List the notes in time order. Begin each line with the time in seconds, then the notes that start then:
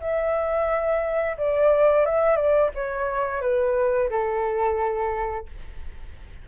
0.00 E5
1.37 D5
2.05 E5
2.36 D5
2.74 C#5
3.41 B4
4.10 A4